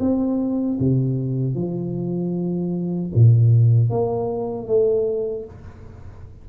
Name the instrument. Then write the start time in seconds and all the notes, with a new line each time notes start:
tuba
0.00 C4
0.79 C3
1.55 F3
3.15 A#2
3.90 A#3
4.67 A3